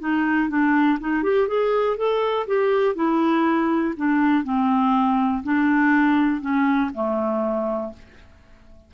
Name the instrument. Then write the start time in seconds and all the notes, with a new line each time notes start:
clarinet
0.00 D#4
0.49 D4
1.00 D#4
1.23 G4
1.48 G#4
1.97 A4
2.47 G4
2.95 E4
3.97 D4
4.44 C4
5.43 D4
6.41 C#4
6.94 A3